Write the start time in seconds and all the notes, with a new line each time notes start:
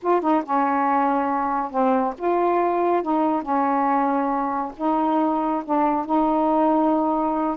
0.02 F4
0.21 D#4
0.44 C#4
1.70 C4
2.18 F4
3.02 D#4
3.42 C#4
4.76 D#4
5.64 D4
6.05 D#4